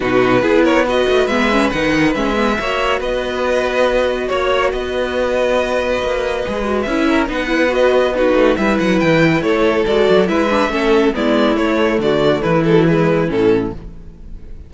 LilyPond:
<<
  \new Staff \with { instrumentName = "violin" } { \time 4/4 \tempo 4 = 140 b'4. cis''8 dis''4 e''4 | fis''4 e''2 dis''4~ | dis''2 cis''4 dis''4~ | dis''1 |
e''4 fis''4 dis''4 b'4 | e''8 fis''8 g''4 cis''4 d''4 | e''2 d''4 cis''4 | d''4 b'8 a'8 b'4 a'4 | }
  \new Staff \with { instrumentName = "violin" } { \time 4/4 fis'4 gis'8 ais'8 b'2~ | b'2 cis''4 b'4~ | b'2 cis''4 b'4~ | b'1~ |
b'8 ais'8 b'2 fis'4 | b'2 a'2 | b'4 a'4 e'2 | fis'4 e'2. | }
  \new Staff \with { instrumentName = "viola" } { \time 4/4 dis'4 e'4 fis'4 b8 cis'8 | dis'4 cis'8 b8 fis'2~ | fis'1~ | fis'2. gis'8 fis'8 |
e'4 dis'8 e'8 fis'4 dis'4 | e'2. fis'4 | e'8 d'8 cis'4 b4 a4~ | a4. gis16 fis16 gis4 cis'4 | }
  \new Staff \with { instrumentName = "cello" } { \time 4/4 b,4 b4. a8 gis4 | dis4 gis4 ais4 b4~ | b2 ais4 b4~ | b2 ais4 gis4 |
cis'4 b2~ b8 a8 | g8 fis8 e4 a4 gis8 fis8 | gis4 a4 gis4 a4 | d4 e2 a,4 | }
>>